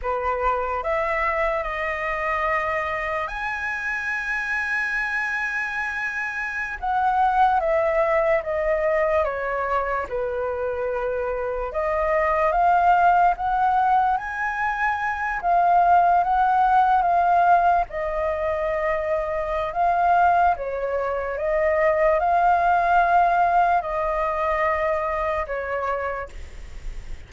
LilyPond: \new Staff \with { instrumentName = "flute" } { \time 4/4 \tempo 4 = 73 b'4 e''4 dis''2 | gis''1~ | gis''16 fis''4 e''4 dis''4 cis''8.~ | cis''16 b'2 dis''4 f''8.~ |
f''16 fis''4 gis''4. f''4 fis''16~ | fis''8. f''4 dis''2~ dis''16 | f''4 cis''4 dis''4 f''4~ | f''4 dis''2 cis''4 | }